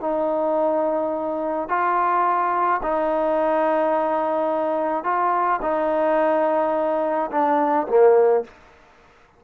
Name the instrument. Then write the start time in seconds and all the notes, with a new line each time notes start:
trombone
0.00 D#4
1.68 F4
2.82 D#4
5.03 F4
5.62 D#4
7.31 D4
7.88 A#3